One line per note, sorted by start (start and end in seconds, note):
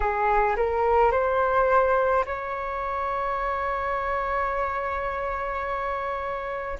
0.00 0.56 G#4
0.56 1.11 A#4
1.11 2.24 C5
2.25 6.78 C#5